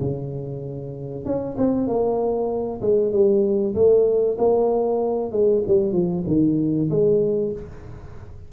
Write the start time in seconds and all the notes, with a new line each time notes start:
0.00 C#3
1.25 C#4
1.57 C4
1.87 A#3
2.81 G#3
3.11 G3
3.74 A3
4.38 A#3
5.31 G#3
5.67 G3
5.92 F3
6.26 D#3
6.89 G#3